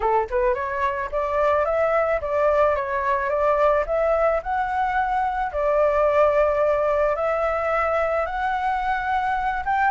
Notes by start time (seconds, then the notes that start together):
0.00 A4
0.30 B4
0.54 C#5
1.11 D5
1.65 E5
2.21 D5
2.75 C#5
3.29 D5
3.86 E5
4.42 F#5
5.52 D5
7.15 E5
8.26 F#5
9.65 G5